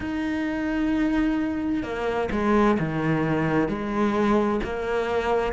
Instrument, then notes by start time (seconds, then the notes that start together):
cello
0.00 D#4
1.83 A#3
2.31 G#3
2.79 D#3
3.68 G#3
4.63 A#3